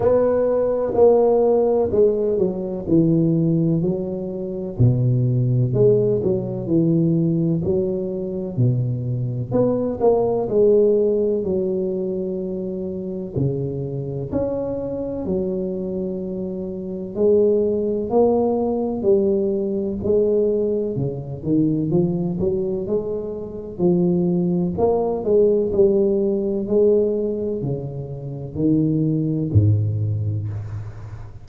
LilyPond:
\new Staff \with { instrumentName = "tuba" } { \time 4/4 \tempo 4 = 63 b4 ais4 gis8 fis8 e4 | fis4 b,4 gis8 fis8 e4 | fis4 b,4 b8 ais8 gis4 | fis2 cis4 cis'4 |
fis2 gis4 ais4 | g4 gis4 cis8 dis8 f8 fis8 | gis4 f4 ais8 gis8 g4 | gis4 cis4 dis4 gis,4 | }